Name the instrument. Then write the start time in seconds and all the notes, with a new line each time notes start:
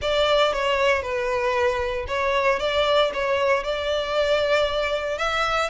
violin
0.01 D5
0.52 C#5
1.02 B4
2.07 C#5
2.59 D5
3.13 C#5
3.63 D5
5.18 E5